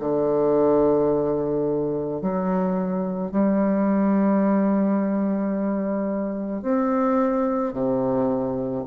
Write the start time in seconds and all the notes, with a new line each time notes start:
0.00 D3
2.22 F#3
3.31 G3
6.62 C4
7.73 C3